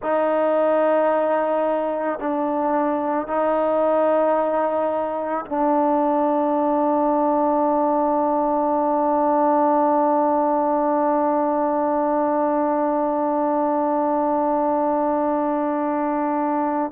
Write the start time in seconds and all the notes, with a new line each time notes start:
0.02 D#4
2.19 D4
3.27 D#4
5.45 D4